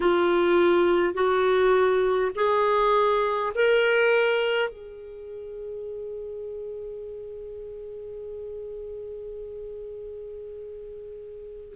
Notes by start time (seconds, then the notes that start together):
0.00 F4
1.14 F#4
2.35 G#4
3.55 A#4
4.68 G#4